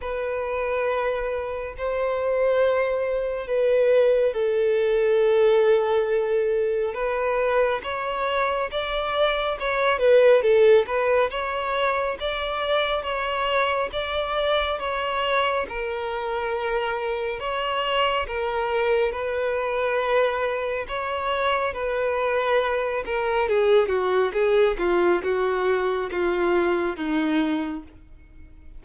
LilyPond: \new Staff \with { instrumentName = "violin" } { \time 4/4 \tempo 4 = 69 b'2 c''2 | b'4 a'2. | b'4 cis''4 d''4 cis''8 b'8 | a'8 b'8 cis''4 d''4 cis''4 |
d''4 cis''4 ais'2 | cis''4 ais'4 b'2 | cis''4 b'4. ais'8 gis'8 fis'8 | gis'8 f'8 fis'4 f'4 dis'4 | }